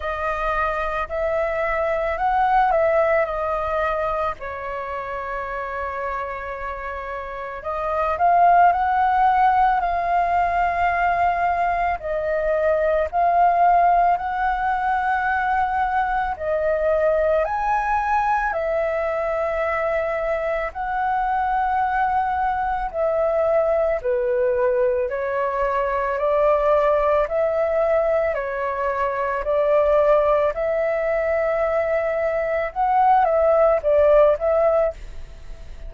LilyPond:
\new Staff \with { instrumentName = "flute" } { \time 4/4 \tempo 4 = 55 dis''4 e''4 fis''8 e''8 dis''4 | cis''2. dis''8 f''8 | fis''4 f''2 dis''4 | f''4 fis''2 dis''4 |
gis''4 e''2 fis''4~ | fis''4 e''4 b'4 cis''4 | d''4 e''4 cis''4 d''4 | e''2 fis''8 e''8 d''8 e''8 | }